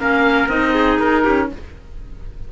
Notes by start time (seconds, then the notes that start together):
0.00 A#3 C#4 A#4 F5
0.49 C4 D#4 D#5
0.74 G#4
0.99 D#4 A#4
1.24 C#4 G4